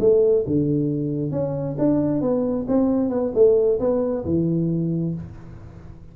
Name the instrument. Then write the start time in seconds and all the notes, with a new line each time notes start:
tuba
0.00 A3
0.47 D3
1.31 C#4
1.78 D4
2.21 B3
2.68 C4
3.09 B3
3.34 A3
3.80 B3
4.25 E3